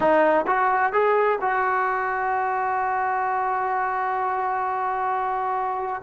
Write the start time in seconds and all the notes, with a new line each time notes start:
0.00 D#4
0.46 F#4
0.92 G#4
1.41 F#4